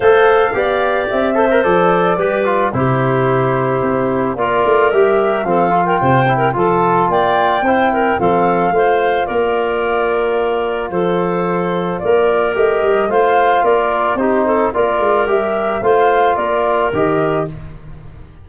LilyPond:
<<
  \new Staff \with { instrumentName = "flute" } { \time 4/4 \tempo 4 = 110 f''2 e''4 d''4~ | d''4 c''2. | d''4 e''4 f''8. g''4~ g''16 | a''4 g''2 f''4~ |
f''4 d''2. | c''2 d''4 dis''4 | f''4 d''4 c''4 d''4 | e''4 f''4 d''4 dis''4 | }
  \new Staff \with { instrumentName = "clarinet" } { \time 4/4 c''4 d''4. c''4. | b'4 g'2. | ais'2 a'8. ais'16 c''8. ais'16 | a'4 d''4 c''8 ais'8 a'4 |
c''4 ais'2. | a'2 ais'2 | c''4 ais'4 g'8 a'8 ais'4~ | ais'4 c''4 ais'2 | }
  \new Staff \with { instrumentName = "trombone" } { \time 4/4 a'4 g'4. a'16 ais'16 a'4 | g'8 f'8 e'2. | f'4 g'4 c'8 f'4 e'8 | f'2 e'4 c'4 |
f'1~ | f'2. g'4 | f'2 dis'4 f'4 | g'4 f'2 g'4 | }
  \new Staff \with { instrumentName = "tuba" } { \time 4/4 a4 b4 c'4 f4 | g4 c2 c'4 | ais8 a8 g4 f4 c4 | f4 ais4 c'4 f4 |
a4 ais2. | f2 ais4 a8 g8 | a4 ais4 c'4 ais8 gis8 | g4 a4 ais4 dis4 | }
>>